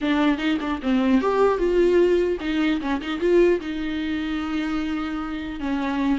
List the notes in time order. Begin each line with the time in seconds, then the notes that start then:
0.01 D4
0.38 D#4
0.61 D4
0.82 C4
1.21 G4
1.58 F4
2.40 D#4
2.80 C#4
3.01 D#4
3.19 F4
3.60 D#4
5.59 C#4